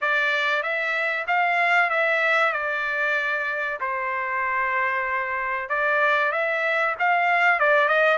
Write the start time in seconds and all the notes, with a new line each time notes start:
0.01 D5
0.62 E5
1.27 F5
1.89 E5
2.52 D5
3.80 C5
5.69 D5
6.32 E5
6.99 F5
7.59 D5
7.88 D#5